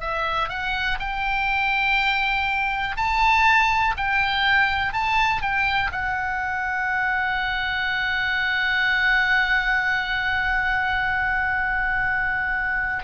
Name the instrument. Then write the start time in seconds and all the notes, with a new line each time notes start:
oboe
0.00 E5
0.49 F#5
0.99 G5
2.96 A5
3.97 G5
4.93 A5
5.41 G5
5.92 F#5